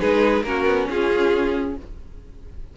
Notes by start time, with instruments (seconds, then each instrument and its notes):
0.00 cello G#3, viola D#4, violin G#4 B4
0.43 cello A#3, viola C#4, violin F#4 A#4
0.66 cello B3
0.89 cello C#4, violin F4 G#4